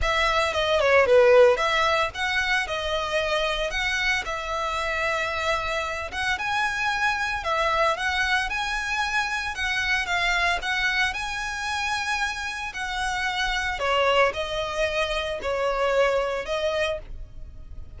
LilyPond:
\new Staff \with { instrumentName = "violin" } { \time 4/4 \tempo 4 = 113 e''4 dis''8 cis''8 b'4 e''4 | fis''4 dis''2 fis''4 | e''2.~ e''8 fis''8 | gis''2 e''4 fis''4 |
gis''2 fis''4 f''4 | fis''4 gis''2. | fis''2 cis''4 dis''4~ | dis''4 cis''2 dis''4 | }